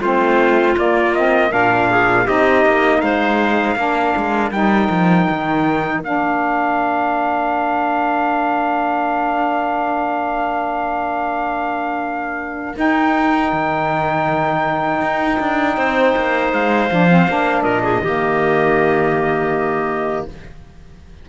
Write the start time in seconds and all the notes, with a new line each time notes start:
0.00 A3 C4 F4 C5
0.77 A#3 D5
1.15 C4 D#5
1.50 A#2 D4 A#4 F5
1.90 G#4
2.24 C4 D#4 G4 D#5
2.66 A#3
3.01 G#3 C5 F5
3.76 A#3 D4 A#4
4.17 G#3
4.51 G3 D#4 G5
4.90 F3
5.30 D#3
6.00 A#3 D4 F5
12.75 D#4 G5
13.52 D#3
15.01 D#4
15.40 D4
15.77 C4 C5
16.16 A#3
16.53 G#3 F5
16.90 F3 D4
17.10 C4
17.28 A#3 D4
17.62 A#2 A#4 D#5
17.83 G#4
18.01 D#3 A#3 G4